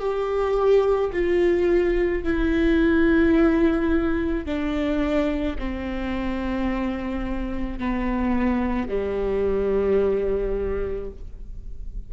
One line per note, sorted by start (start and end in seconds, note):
0.00 1.11 G4
1.13 2.24 F4
2.24 4.45 E4
4.45 5.57 D4
5.59 7.79 C4
7.79 8.89 B3
8.89 11.11 G3